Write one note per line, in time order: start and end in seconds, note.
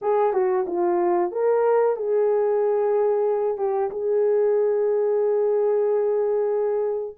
0.01 0.33 G#4
0.33 0.65 F#4
0.66 1.31 F4
1.31 1.96 A#4
1.96 3.57 G#4
3.57 3.90 G4
3.90 7.16 G#4